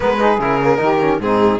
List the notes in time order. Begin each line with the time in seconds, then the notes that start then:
0.00 G#3 B3 A#4 B4
0.18 D#4 G#4
0.39 C#3 E4 A#4
0.61 A#3
0.76 D#3 D#4 G4
1.00 C#4
1.19 G#2 C4 D#4 G#4